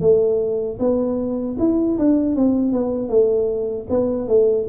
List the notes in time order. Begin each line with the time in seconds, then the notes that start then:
0.00 A3
0.79 B3
1.59 E4
1.98 D4
2.35 C4
2.72 B3
3.09 A3
3.89 B3
4.28 A3